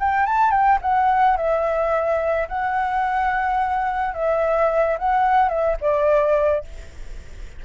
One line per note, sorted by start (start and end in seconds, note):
0.00 0.26 G5
0.26 0.51 A5
0.51 0.79 G5
0.82 1.37 F#5
1.37 2.48 E5
2.49 4.15 F#5
4.15 4.98 E5
4.99 5.49 F#5
5.49 5.77 E5
5.81 6.65 D5